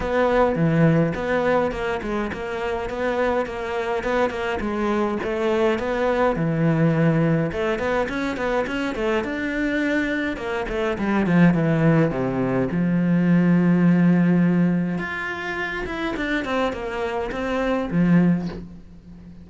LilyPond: \new Staff \with { instrumentName = "cello" } { \time 4/4 \tempo 4 = 104 b4 e4 b4 ais8 gis8 | ais4 b4 ais4 b8 ais8 | gis4 a4 b4 e4~ | e4 a8 b8 cis'8 b8 cis'8 a8 |
d'2 ais8 a8 g8 f8 | e4 c4 f2~ | f2 f'4. e'8 | d'8 c'8 ais4 c'4 f4 | }